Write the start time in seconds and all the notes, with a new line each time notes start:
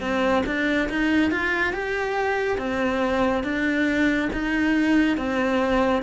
0.00 C4
0.46 D4
0.89 D#4
1.31 F4
1.73 G4
2.58 C4
3.43 D4
4.33 D#4
5.17 C4